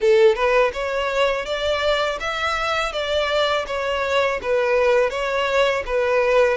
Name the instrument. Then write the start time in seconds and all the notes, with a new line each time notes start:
violin
0.00 A4
0.35 B4
0.73 C#5
1.45 D5
2.20 E5
2.92 D5
3.67 C#5
4.41 B4
5.10 C#5
5.86 B4